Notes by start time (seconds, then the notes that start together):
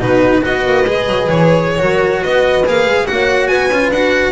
0.00 B2 D#4 F#4 B4
0.41 B3 F#4 B4 D#5
0.66 A#3
0.86 G#3 G#4
1.06 F#3
1.28 E3 C#5
1.78 F#3 F#4 A#4
2.21 B3 B4 D#5
2.66 A#3 G#4 F5
2.86 G#3
3.07 A#3 F#4 C#5 F#5
3.48 B3 B4 G#5
3.70 C#4 F4
3.91 D4 F#4 F#5